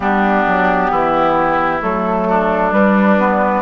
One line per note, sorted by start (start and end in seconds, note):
0.00 0.44 G3
0.00 1.80 B3
0.00 0.91 D4
0.00 1.81 G4
0.45 0.90 F#3
0.90 1.81 E3
0.90 2.27 E4
1.80 2.72 F#3
1.80 2.71 A3
1.80 2.72 A4
2.29 3.62 D4
2.71 3.17 G3
2.71 3.62 G3
2.71 3.62 B4
3.19 3.62 B3